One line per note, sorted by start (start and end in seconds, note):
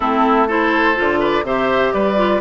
0.00 0.97 A3
0.00 0.48 C4
0.00 0.47 E4
0.00 0.48 A4
0.47 0.95 E4
0.47 1.19 A4
0.47 1.21 C5
0.95 1.42 D3
0.95 1.43 F4
1.19 1.43 B4
1.19 1.45 D5
1.42 1.91 C3
1.42 2.16 G4
1.42 1.93 C5
1.42 1.92 E5
1.92 2.41 G3
1.92 2.41 B4
1.92 2.41 D5
2.16 2.40 F4